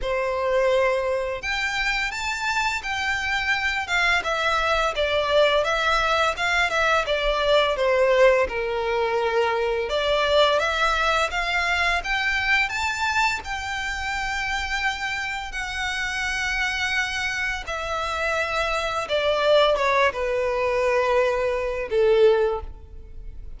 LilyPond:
\new Staff \with { instrumentName = "violin" } { \time 4/4 \tempo 4 = 85 c''2 g''4 a''4 | g''4. f''8 e''4 d''4 | e''4 f''8 e''8 d''4 c''4 | ais'2 d''4 e''4 |
f''4 g''4 a''4 g''4~ | g''2 fis''2~ | fis''4 e''2 d''4 | cis''8 b'2~ b'8 a'4 | }